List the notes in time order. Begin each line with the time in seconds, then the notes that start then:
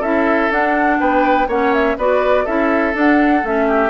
0.00 C#4 E4 A4 E5
0.51 D4 F#5
1.00 B3 B4 G5
1.48 A#3 C#4 C#5 F#5
1.74 E5
1.98 B3 F#4 B4 D5
2.45 C#4 E4 A4 E5
2.94 D4 F#5
3.44 A3 C#4 E5
3.68 G4